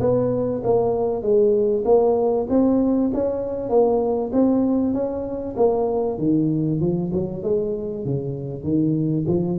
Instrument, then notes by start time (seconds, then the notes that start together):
tuba
0.00 B3
0.64 A#3
1.22 G#3
1.85 A#3
2.49 C4
3.14 C#4
3.69 A#3
4.32 C4
4.93 C#4
5.56 A#3
6.18 D#3
6.80 F3
7.13 F#3
7.43 G#3
8.05 C#3
8.63 D#3
9.27 F3